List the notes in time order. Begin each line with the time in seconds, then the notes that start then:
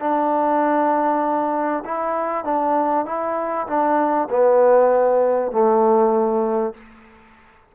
0.00 D4
1.85 E4
2.45 D4
3.06 E4
3.67 D4
4.30 B3
5.52 A3